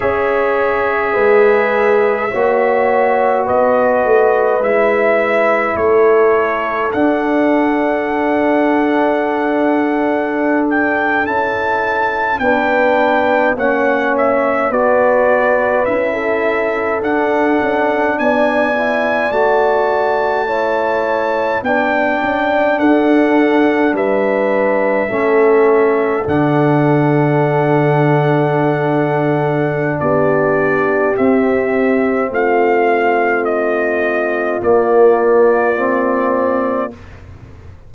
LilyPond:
<<
  \new Staff \with { instrumentName = "trumpet" } { \time 4/4 \tempo 4 = 52 e''2. dis''4 | e''4 cis''4 fis''2~ | fis''4~ fis''16 g''8 a''4 g''4 fis''16~ | fis''16 e''8 d''4 e''4 fis''4 gis''16~ |
gis''8. a''2 g''4 fis''16~ | fis''8. e''2 fis''4~ fis''16~ | fis''2 d''4 e''4 | f''4 dis''4 d''2 | }
  \new Staff \with { instrumentName = "horn" } { \time 4/4 cis''4 b'4 cis''4 b'4~ | b'4 a'2.~ | a'2~ a'8. b'4 cis''16~ | cis''8. b'4~ b'16 a'4.~ a'16 d''16~ |
d''4.~ d''16 cis''4 d''4 a'16~ | a'8. b'4 a'2~ a'16~ | a'2 g'2 | f'1 | }
  \new Staff \with { instrumentName = "trombone" } { \time 4/4 gis'2 fis'2 | e'2 d'2~ | d'4.~ d'16 e'4 d'4 cis'16~ | cis'8. fis'4 e'4 d'4~ d'16~ |
d'16 e'8 fis'4 e'4 d'4~ d'16~ | d'4.~ d'16 cis'4 d'4~ d'16~ | d'2. c'4~ | c'2 ais4 c'4 | }
  \new Staff \with { instrumentName = "tuba" } { \time 4/4 cis'4 gis4 ais4 b8 a8 | gis4 a4 d'2~ | d'4.~ d'16 cis'4 b4 ais16~ | ais8. b4 cis'4 d'8 cis'8 b16~ |
b8. a2 b8 cis'8 d'16~ | d'8. g4 a4 d4~ d16~ | d2 b4 c'4 | a2 ais2 | }
>>